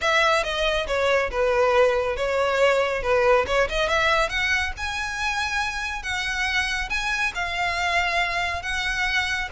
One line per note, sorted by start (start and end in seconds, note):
0.01 0.43 E5
0.43 0.86 D#5
0.87 1.30 C#5
1.30 2.16 B4
2.16 3.02 C#5
3.02 3.45 B4
3.46 3.68 C#5
3.69 3.88 D#5
3.88 4.29 E5
4.29 4.72 F#5
4.77 6.02 G#5
6.02 6.89 F#5
6.89 7.32 G#5
7.34 8.62 F5
8.62 9.48 F#5